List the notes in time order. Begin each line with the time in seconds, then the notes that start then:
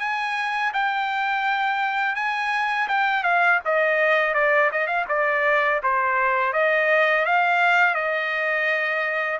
0.00 G#5
0.73 G5
2.16 G#5
2.88 G5
3.23 F5
3.65 D#5
4.34 D5
4.72 D#5
4.87 F5
5.09 D5
5.83 C5
6.53 D#5
7.25 F5
7.95 D#5